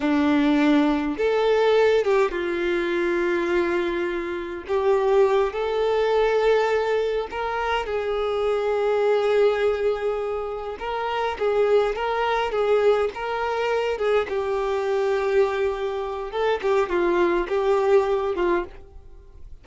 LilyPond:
\new Staff \with { instrumentName = "violin" } { \time 4/4 \tempo 4 = 103 d'2 a'4. g'8 | f'1 | g'4. a'2~ a'8~ | a'8 ais'4 gis'2~ gis'8~ |
gis'2~ gis'8 ais'4 gis'8~ | gis'8 ais'4 gis'4 ais'4. | gis'8 g'2.~ g'8 | a'8 g'8 f'4 g'4. f'8 | }